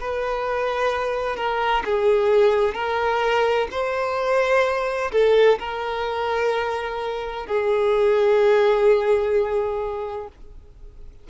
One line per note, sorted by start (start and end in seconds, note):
0.00 1.36 B4
1.36 1.83 A#4
1.85 2.74 G#4
2.74 3.67 A#4
3.71 5.11 C5
5.11 5.58 A4
5.59 7.46 A#4
7.46 10.27 G#4